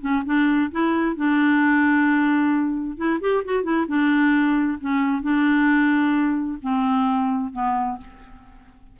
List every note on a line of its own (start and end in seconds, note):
0.00 0.23 C#4
0.25 0.70 D4
0.71 1.16 E4
1.16 2.96 D4
2.96 3.19 E4
3.20 3.43 G4
3.44 3.63 F#4
3.63 3.86 E4
3.87 4.78 D4
4.80 5.22 C#4
5.22 6.58 D4
6.62 7.52 C4
7.52 7.98 B3